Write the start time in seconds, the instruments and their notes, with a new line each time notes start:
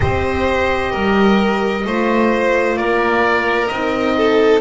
0.00 double bass C4, horn G4, violin C5, oboe D#5
0.91 double bass G3, violin A#4
1.84 double bass A3, horn F4, violin C5
2.76 double bass A#3, violin A#4, oboe D5
3.67 double bass C4, oboe D#5
3.74 horn D#4
4.17 violin A4